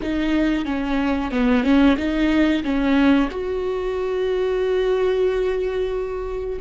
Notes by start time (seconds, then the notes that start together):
0.01 D#4
0.65 C#4
1.31 B3
1.63 C#4
1.97 D#4
2.63 C#4
3.30 F#4